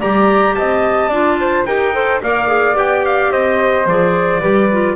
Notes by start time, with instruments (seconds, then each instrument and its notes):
0.00 double bass G3, clarinet G4, flute D5, trumpet A#5
0.55 double bass C4, flute D#5, trumpet A5
1.09 double bass D4, clarinet F4, flute D5
1.40 flute C5
1.66 double bass D#4, clarinet G4, flute A#4, trumpet G5
1.93 clarinet A4, flute C5
2.23 double bass A#3, clarinet A#4, flute D5, trumpet F5
2.48 clarinet G#4
2.75 double bass B3, clarinet G4, trumpet G5
3.06 trumpet F5
3.31 double bass C4, flute C5, trumpet D#5
3.86 double bass F3, clarinet G#4, trumpet D5
4.41 double bass G3, clarinet G4, flute B4
4.72 clarinet F4